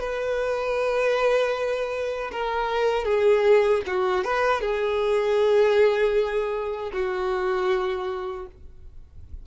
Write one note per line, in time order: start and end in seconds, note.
0.00 2.31 B4
2.31 3.05 A#4
3.05 3.82 G#4
3.86 4.24 F#4
4.24 4.61 B4
4.61 6.92 G#4
6.93 8.47 F#4